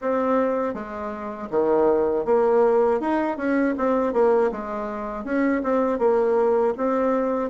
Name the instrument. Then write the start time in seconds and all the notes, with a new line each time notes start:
bassoon
0.01 C4
0.73 G#3
1.50 D#3
2.25 A#3
3.00 D#4
3.37 C#4
3.77 C4
4.13 A#3
4.51 G#3
5.24 C#4
5.63 C4
5.98 A#3
6.77 C4